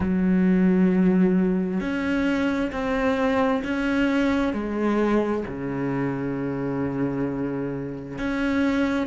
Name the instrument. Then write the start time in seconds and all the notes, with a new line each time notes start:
cello
0.00 F#3
1.80 C#4
2.71 C4
3.64 C#4
4.53 G#3
5.48 C#3
8.18 C#4